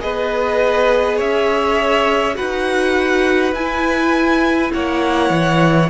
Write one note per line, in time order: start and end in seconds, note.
0.00 1.20 B3
0.00 2.35 G#4
0.00 1.17 B4
0.00 1.19 D#5
1.17 2.38 C#4
1.17 2.35 C#5
1.17 2.37 E5
2.35 3.53 D#4
2.35 3.52 F#4
2.35 4.72 B4
2.35 3.54 F#5
3.53 4.71 E4
3.53 5.90 E4
3.53 4.72 G#5
4.73 5.30 A#3
4.73 5.90 C#5
4.73 5.90 F#5
5.30 5.88 E3